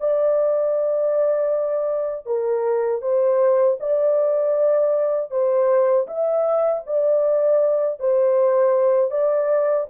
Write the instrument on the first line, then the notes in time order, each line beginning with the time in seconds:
horn
0.00 D5
2.26 A#4
3.01 C5
3.80 D5
5.31 C5
6.07 E5
6.86 D5
8.00 C5
9.11 D5